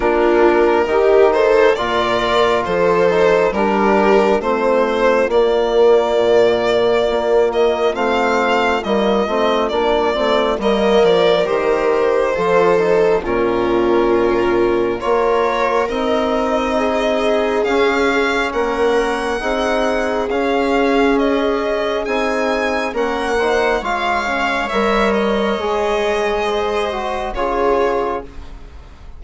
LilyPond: <<
  \new Staff \with { instrumentName = "violin" } { \time 4/4 \tempo 4 = 68 ais'4. c''8 d''4 c''4 | ais'4 c''4 d''2~ | d''8 dis''8 f''4 dis''4 d''4 | dis''8 d''8 c''2 ais'4~ |
ais'4 cis''4 dis''2 | f''4 fis''2 f''4 | dis''4 gis''4 fis''4 f''4 | e''8 dis''2~ dis''8 cis''4 | }
  \new Staff \with { instrumentName = "viola" } { \time 4/4 f'4 g'8 a'8 ais'4 a'4 | g'4 f'2.~ | f'1 | ais'2 a'4 f'4~ |
f'4 ais'2 gis'4~ | gis'4 ais'4 gis'2~ | gis'2 ais'8 c''8 cis''4~ | cis''2 c''4 gis'4 | }
  \new Staff \with { instrumentName = "trombone" } { \time 4/4 d'4 dis'4 f'4. dis'8 | d'4 c'4 ais2~ | ais4 c'4 ais8 c'8 d'8 c'8 | ais4 g'4 f'8 dis'8 cis'4~ |
cis'4 f'4 dis'2 | cis'2 dis'4 cis'4~ | cis'4 dis'4 cis'8 dis'8 f'8 cis'8 | ais'4 gis'4. fis'8 f'4 | }
  \new Staff \with { instrumentName = "bassoon" } { \time 4/4 ais4 dis4 ais,4 f4 | g4 a4 ais4 ais,4 | ais4 a4 g8 a8 ais8 a8 | g8 f8 dis4 f4 ais,4~ |
ais,4 ais4 c'2 | cis'4 ais4 c'4 cis'4~ | cis'4 c'4 ais4 gis4 | g4 gis2 cis4 | }
>>